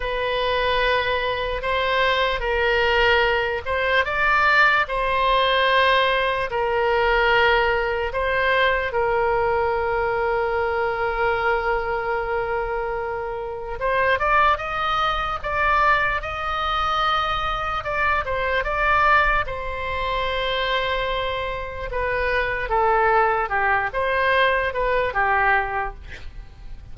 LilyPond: \new Staff \with { instrumentName = "oboe" } { \time 4/4 \tempo 4 = 74 b'2 c''4 ais'4~ | ais'8 c''8 d''4 c''2 | ais'2 c''4 ais'4~ | ais'1~ |
ais'4 c''8 d''8 dis''4 d''4 | dis''2 d''8 c''8 d''4 | c''2. b'4 | a'4 g'8 c''4 b'8 g'4 | }